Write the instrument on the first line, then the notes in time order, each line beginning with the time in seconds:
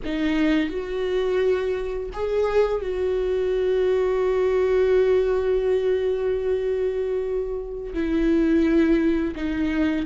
viola
0.04 D#4
0.69 F#4
2.13 G#4
2.81 F#4
7.93 E4
9.35 D#4